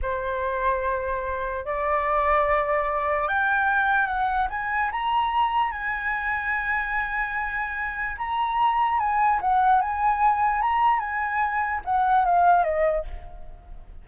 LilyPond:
\new Staff \with { instrumentName = "flute" } { \time 4/4 \tempo 4 = 147 c''1 | d''1 | g''2 fis''4 gis''4 | ais''2 gis''2~ |
gis''1 | ais''2 gis''4 fis''4 | gis''2 ais''4 gis''4~ | gis''4 fis''4 f''4 dis''4 | }